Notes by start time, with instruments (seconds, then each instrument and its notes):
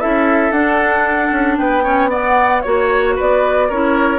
0.00 bassoon C#4, clarinet E4, oboe A4, flute E5
0.51 bassoon D4, clarinet D4, flute F#5
1.31 bassoon C#4
1.58 bassoon B3, oboe B4, flute G5
1.83 clarinet C#4, oboe C#5
2.10 clarinet B3, oboe D5, flute F#5
2.62 bassoon A#3, clarinet F#4, flute C#5, oboe C#5
3.15 bassoon B3, oboe B4, flute D5
3.68 bassoon C#4, clarinet E4, oboe A#4, flute C#5